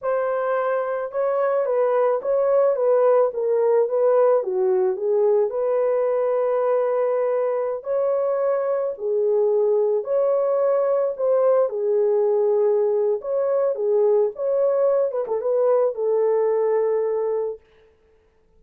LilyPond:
\new Staff \with { instrumentName = "horn" } { \time 4/4 \tempo 4 = 109 c''2 cis''4 b'4 | cis''4 b'4 ais'4 b'4 | fis'4 gis'4 b'2~ | b'2~ b'16 cis''4.~ cis''16~ |
cis''16 gis'2 cis''4.~ cis''16~ | cis''16 c''4 gis'2~ gis'8. | cis''4 gis'4 cis''4. b'16 a'16 | b'4 a'2. | }